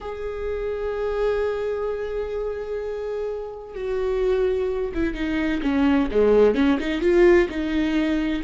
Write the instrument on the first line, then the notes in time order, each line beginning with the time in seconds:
viola
0.00 G#4
3.74 F#4
4.93 E4
5.14 D#4
5.62 C#4
6.11 G#3
6.55 C#4
6.79 D#4
7.01 F4
7.49 D#4